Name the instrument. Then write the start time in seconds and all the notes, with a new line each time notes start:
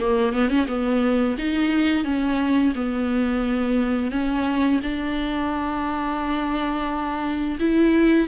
viola
0.00 A#3
0.33 B3
0.49 C#4
0.67 B3
1.38 D#4
2.04 C#4
2.75 B3
4.11 C#4
4.83 D4
7.60 E4